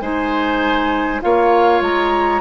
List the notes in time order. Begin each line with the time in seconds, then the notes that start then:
0.00 G#3 D#4 C5 G#5
1.21 A#3 F4 C#5 F5
1.80 G#3 A#5